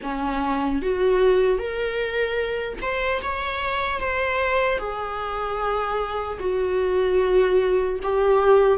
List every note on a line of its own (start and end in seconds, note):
0.02 0.81 C#4
0.81 1.58 F#4
1.58 2.78 A#4
2.81 3.21 C5
3.21 4.00 C#5
4.00 4.78 C5
4.78 6.38 G#4
6.39 7.99 F#4
8.03 8.78 G4